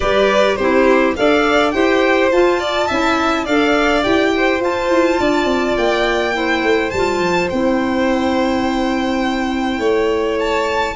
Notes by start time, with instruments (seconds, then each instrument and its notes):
0.00 tuba G3, clarinet G4, violin B4 D5
0.56 tuba C4, clarinet E4, violin G4 C5
1.16 tuba D4, clarinet A4, violin D5 F5
1.71 tuba E4, clarinet G4, violin C5 G5
2.31 tuba F4, clarinet F4, violin A5
2.59 violin D5
2.86 tuba C#4, clarinet E4, violin E5
3.44 tuba D4, clarinet A4, violin D5 F5
4.03 tuba E4, clarinet G4, violin G5
4.36 violin C5
4.60 tuba F4, clarinet F4, violin A5
4.89 tuba E4
5.19 tuba D4, violin D5
5.45 tuba C4
5.76 tuba A#3, violin G5
6.33 clarinet E4, violin C5
6.63 tuba A3
6.90 tuba G3, violin A5
6.96 clarinet F4
7.19 tuba F3
7.49 tuba C4, clarinet E4, violin G5
9.78 tuba A3, violin C#5
10.39 violin A5